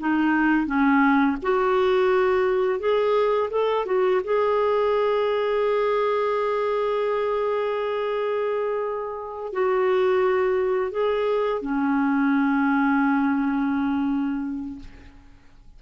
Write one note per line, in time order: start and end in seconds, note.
0.00 0.66 D#4
0.66 1.37 C#4
1.42 2.80 F#4
2.80 3.50 G#4
3.50 3.86 A4
3.86 4.21 F#4
4.24 9.53 G#4
9.53 10.91 F#4
10.91 11.62 G#4
11.62 14.79 C#4